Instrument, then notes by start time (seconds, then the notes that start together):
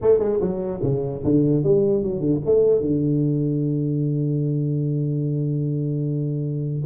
tuba
0.01 A3
0.19 G#3
0.40 F#3
0.83 C#3
1.24 D3
1.63 G3
2.02 F#3
2.19 D3
2.45 A3
2.80 D3